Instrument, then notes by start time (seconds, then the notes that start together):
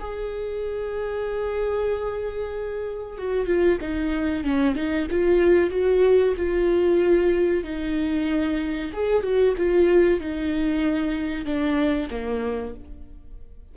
viola
0.00 G#4
3.19 F#4
3.47 F4
3.81 D#4
4.44 C#4
4.76 D#4
5.12 F4
5.71 F#4
6.37 F4
7.64 D#4
8.94 G#4
9.23 F#4
9.58 F4
10.20 D#4
11.46 D4
12.11 A#3